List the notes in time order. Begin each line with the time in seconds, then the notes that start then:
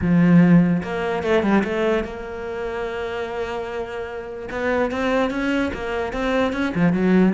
0.01 F3
0.83 A#3
1.23 A3
1.42 G3
1.64 A3
2.04 A#3
4.50 B3
4.91 C4
5.30 C#4
5.73 A#3
6.12 C4
6.53 C#4
6.74 F3
6.92 F#3